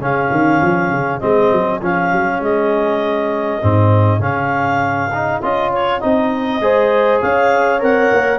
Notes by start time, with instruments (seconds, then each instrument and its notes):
0.00 tuba C#3, trombone C#4, horn G#4, clarinet F5
0.31 tuba D#3
0.62 tuba F3
0.91 tuba C#3
1.20 tuba G#3, trombone C4, clarinet D#5
1.52 tuba F#3
1.82 tuba F3, trombone C#4, clarinet F5
2.12 tuba F#3
2.40 tuba G#3, clarinet D#5
3.62 tuba G#2, trombone C4
4.20 tuba C#3, trombone C#4, clarinet F5
5.13 trombone D#4
5.42 tuba C#4, trombone F4, clarinet D#5
5.73 clarinet C#5
6.00 tuba C4, trombone D#4, clarinet D#5
6.60 tuba G#3, trombone G#4, horn C5
7.22 tuba C#4, horn C#5, clarinet F5
7.79 tuba C4, trombone A#4, clarinet F#5
8.13 tuba A#3